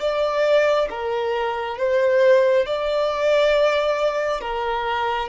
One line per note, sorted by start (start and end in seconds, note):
0.00 0.88 D5
0.90 1.78 A#4
1.78 2.66 C5
2.66 4.41 D5
4.41 5.29 A#4